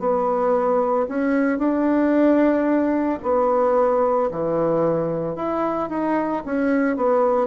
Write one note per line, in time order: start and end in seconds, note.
0.00 1.07 B3
1.09 1.59 C#4
1.59 3.19 D4
3.23 4.30 B3
4.31 5.36 E3
5.36 5.90 E4
5.90 6.43 D#4
6.46 6.97 C#4
6.97 7.48 B3